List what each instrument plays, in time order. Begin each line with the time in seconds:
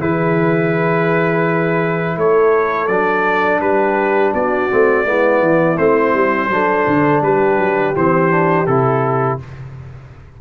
0.00 tuba E3, trombone E4, horn G#4, trumpet B4
2.17 tuba A3, horn A4, trumpet C#5
2.88 tuba F#3, trombone D4, trumpet D5
3.61 tuba G3, horn G4, trumpet B4
4.34 tuba B3, horn F#4, trumpet D5
4.70 tuba A3, trombone C4
5.04 tuba G#3, trombone B3, horn E4
5.41 tuba E3
5.78 tuba A3, trombone C4, trumpet C5
6.14 tuba G3
6.49 tuba F#3, trombone D4, horn A4
6.87 tuba D3
7.22 tuba G3, horn G4, trumpet B4
7.58 tuba F#3
7.95 tuba E3, trombone C4, trumpet C5
8.31 trombone D4
8.67 tuba C3, trombone E4, trumpet A4